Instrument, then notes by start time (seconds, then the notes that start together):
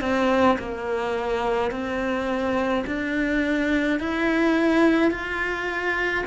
cello
0.00 C4
0.58 A#3
1.70 C4
2.86 D4
3.99 E4
5.10 F4